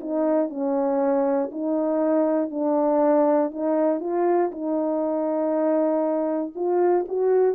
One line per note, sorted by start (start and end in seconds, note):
0.00 0.49 D#4
0.49 1.50 C#4
1.51 2.50 D#4
2.50 3.51 D4
3.51 4.00 D#4
4.00 4.50 F4
4.51 6.53 D#4
6.55 7.05 F4
7.07 7.55 F#4